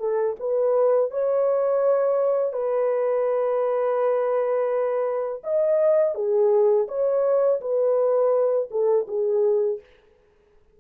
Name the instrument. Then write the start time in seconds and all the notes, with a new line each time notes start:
horn
0.00 A4
0.40 B4
1.11 C#5
2.53 B4
5.44 D#5
6.15 G#4
6.88 C#5
7.61 B4
8.71 A4
9.08 G#4